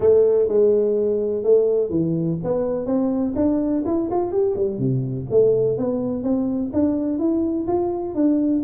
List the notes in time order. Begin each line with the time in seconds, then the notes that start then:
0.00 A3
0.48 G#3
1.43 A3
1.90 E3
2.43 B3
2.86 C4
3.35 D4
3.85 E4
4.11 F4
4.31 G4
4.55 G3
4.78 C3
5.30 A3
5.77 B3
6.23 C4
6.73 D4
7.18 E4
7.67 F4
8.14 D4